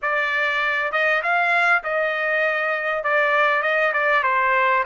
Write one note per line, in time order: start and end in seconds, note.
0.02 0.91 D5
0.91 1.22 D#5
1.22 1.83 F5
1.83 3.03 D#5
3.03 3.62 D5
3.62 3.92 D#5
3.93 4.23 D5
4.23 4.83 C5